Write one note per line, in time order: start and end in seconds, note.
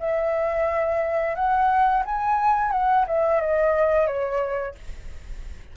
0.00 1.35 E5
1.35 2.04 F#5
2.05 2.71 G#5
2.71 3.06 F#5
3.07 3.41 E5
3.41 4.07 D#5
4.07 4.75 C#5